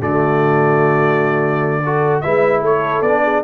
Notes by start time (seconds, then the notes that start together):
0.00 D3 A3 F#4 D5
1.84 F#4 A4
2.21 G#3 E4 B4 E5
2.62 A3 A4 C#5
3.02 B3 D4 D5
3.24 G#4